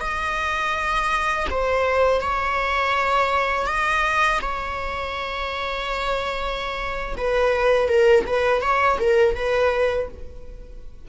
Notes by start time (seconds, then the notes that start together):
0.00 D#5
1.50 C5
2.20 C#5
3.66 D#5
4.41 C#5
7.17 B4
7.88 A#4
8.26 B4
8.61 C#5
8.99 A#4
9.35 B4